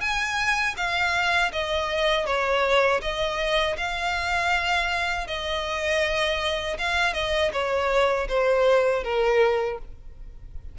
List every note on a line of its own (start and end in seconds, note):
0.00 0.75 G#5
0.76 1.51 F5
1.52 2.26 D#5
2.26 3.01 C#5
3.01 3.76 D#5
3.77 5.27 F5
5.27 6.77 D#5
6.78 7.14 F5
7.14 7.51 D#5
7.52 8.27 C#5
8.28 9.03 C5
9.03 9.78 A#4